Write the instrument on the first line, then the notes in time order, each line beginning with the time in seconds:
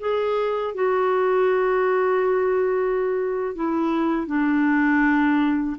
clarinet
0.00 G#4
0.75 F#4
3.56 E4
4.27 D4